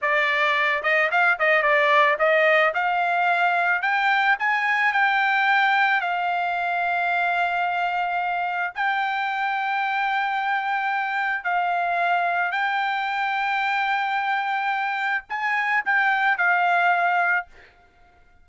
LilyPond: \new Staff \with { instrumentName = "trumpet" } { \time 4/4 \tempo 4 = 110 d''4. dis''8 f''8 dis''8 d''4 | dis''4 f''2 g''4 | gis''4 g''2 f''4~ | f''1 |
g''1~ | g''4 f''2 g''4~ | g''1 | gis''4 g''4 f''2 | }